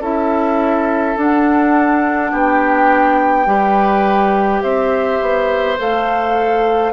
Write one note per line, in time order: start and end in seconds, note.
0.00 1.15 C#4
0.00 1.17 E4
0.00 2.31 A4
0.00 1.19 E5
1.16 2.32 D4
1.16 3.46 D4
1.16 2.35 F#5
2.31 3.46 B3
2.31 3.47 G4
2.31 4.62 G5
3.46 4.62 G3
3.46 5.77 G4
3.46 4.63 B4
4.62 5.21 C4
4.62 6.93 C5
4.62 5.78 E5
5.21 5.79 B3
5.78 6.93 A3
5.78 6.93 A4
5.78 6.93 F5